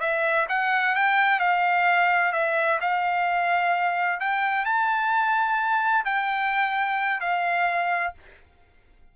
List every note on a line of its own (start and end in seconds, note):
0.00 0.47 E5
0.49 0.95 F#5
0.95 1.40 G5
1.40 2.33 F5
2.33 2.79 E5
2.81 4.20 F5
4.20 4.66 G5
4.66 6.05 A5
6.05 7.21 G5
7.21 8.14 F5